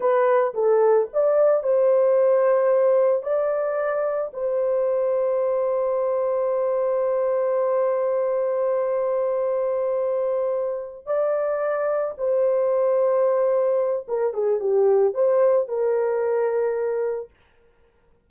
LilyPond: \new Staff \with { instrumentName = "horn" } { \time 4/4 \tempo 4 = 111 b'4 a'4 d''4 c''4~ | c''2 d''2 | c''1~ | c''1~ |
c''1~ | c''8 d''2 c''4.~ | c''2 ais'8 gis'8 g'4 | c''4 ais'2. | }